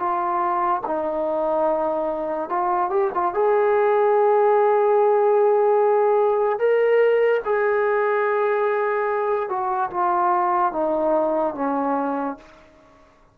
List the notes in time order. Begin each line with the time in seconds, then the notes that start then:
0.00 F4
0.87 D#4
2.50 F4
2.90 G4
3.15 F4
3.34 G#4
6.59 A#4
7.45 G#4
9.49 F#4
9.91 F4
10.73 D#4
11.55 C#4